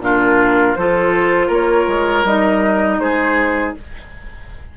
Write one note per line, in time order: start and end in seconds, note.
0.00 0.75 A#2
0.00 0.78 D4
0.00 0.79 F4
0.00 0.76 A#4
0.76 1.50 F3
0.76 2.27 F4
0.76 1.48 A4
0.76 1.51 C5
1.48 1.87 A#3
1.48 2.98 A#4
1.48 2.26 C#5
1.88 2.24 G#3
2.24 2.99 G3
2.24 3.77 D#4
2.24 3.00 D#5
2.99 3.74 G#3
2.99 3.77 G#4
2.99 3.75 C5